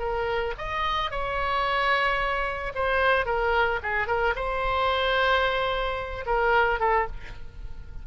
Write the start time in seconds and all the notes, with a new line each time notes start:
0.00 A#4
0.58 D#5
1.11 C#5
2.75 C5
3.26 A#4
3.83 G#4
4.08 A#4
4.36 C5
6.26 A#4
6.80 A4